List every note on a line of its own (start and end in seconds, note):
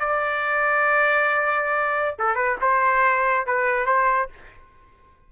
0.00 2.16 D5
2.19 2.35 A4
2.35 2.57 B4
2.62 3.47 C5
3.47 3.86 B4
3.86 4.29 C5